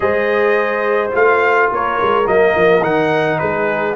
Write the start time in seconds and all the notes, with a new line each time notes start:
0.00 G#3 G#4 C5 D#5
1.11 A3 F4 F5
1.71 A#3 A#4 C#5
2.01 G#3
2.24 F#3 A#3 D#5
2.55 F3
2.81 D#3 D#4 F#5
3.38 G#3 G#4 B4